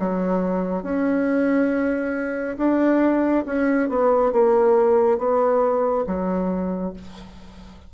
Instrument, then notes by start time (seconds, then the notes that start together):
bassoon
0.00 F#3
0.83 C#4
2.58 D4
3.46 C#4
3.89 B3
4.32 A#3
5.18 B3
6.07 F#3